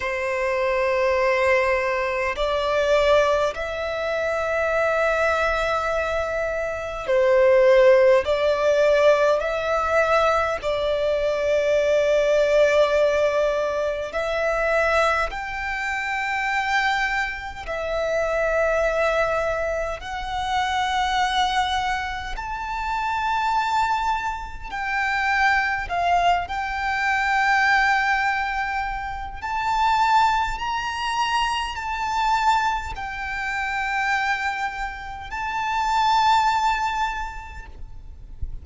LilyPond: \new Staff \with { instrumentName = "violin" } { \time 4/4 \tempo 4 = 51 c''2 d''4 e''4~ | e''2 c''4 d''4 | e''4 d''2. | e''4 g''2 e''4~ |
e''4 fis''2 a''4~ | a''4 g''4 f''8 g''4.~ | g''4 a''4 ais''4 a''4 | g''2 a''2 | }